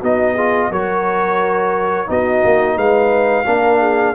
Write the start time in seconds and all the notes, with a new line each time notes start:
0.00 B3 D#4 F#4 D#5
0.34 F4 G#4
0.71 F#3 F#4 A#4 C#5
2.07 B3 D#4 F#4 D#5
2.44 A#3
2.76 G#3 B4 F5
3.46 A#3 D4 A#4
3.80 G#4